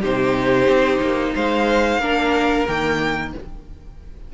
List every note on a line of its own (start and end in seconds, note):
0.00 0.67 C3
0.00 2.00 D#4
0.00 1.32 G4
0.00 1.35 C5
0.67 1.00 C4
1.01 1.34 A#3
1.34 1.98 G#3
1.34 2.00 C5
1.34 2.67 F5
1.98 2.64 A#3
1.98 2.67 D4
1.98 3.32 A#4
2.67 3.34 D#3
2.67 3.33 A#3
2.67 3.33 G5